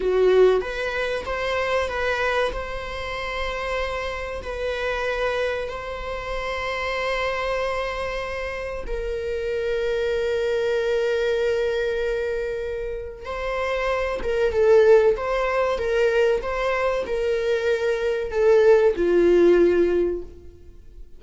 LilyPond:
\new Staff \with { instrumentName = "viola" } { \time 4/4 \tempo 4 = 95 fis'4 b'4 c''4 b'4 | c''2. b'4~ | b'4 c''2.~ | c''2 ais'2~ |
ais'1~ | ais'4 c''4. ais'8 a'4 | c''4 ais'4 c''4 ais'4~ | ais'4 a'4 f'2 | }